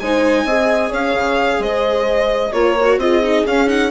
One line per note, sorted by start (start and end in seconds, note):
0.00 0.45 G#3
0.00 0.48 D#4
0.00 0.45 C5
0.00 0.92 G#5
0.45 0.91 C4
0.45 2.53 G#4
0.45 0.89 D#5
0.89 1.14 C#4
0.89 1.59 C#5
0.89 1.63 F5
1.14 1.59 C#3
1.59 2.52 G#3
1.59 2.54 C5
1.59 2.53 D#5
2.53 2.98 A#3
2.53 2.76 F4
2.53 3.00 A#4
2.53 2.99 C#5
2.81 3.02 F#4
2.98 3.44 C4
2.98 3.24 F4
2.98 3.91 G#4
2.98 3.47 D#5
3.24 3.47 D#4
3.46 3.91 C#4
3.46 3.68 C#4
3.46 3.69 F5
3.68 3.91 D#4
3.68 3.91 F#5